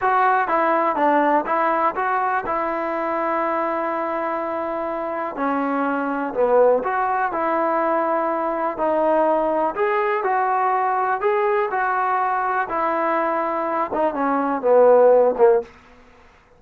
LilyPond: \new Staff \with { instrumentName = "trombone" } { \time 4/4 \tempo 4 = 123 fis'4 e'4 d'4 e'4 | fis'4 e'2.~ | e'2. cis'4~ | cis'4 b4 fis'4 e'4~ |
e'2 dis'2 | gis'4 fis'2 gis'4 | fis'2 e'2~ | e'8 dis'8 cis'4 b4. ais8 | }